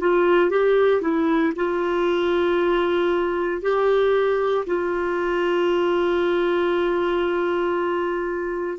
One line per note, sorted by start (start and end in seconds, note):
0.00 0.50 F4
0.50 1.01 G4
1.01 1.53 E4
1.56 3.61 F4
3.61 4.65 G4
4.66 8.78 F4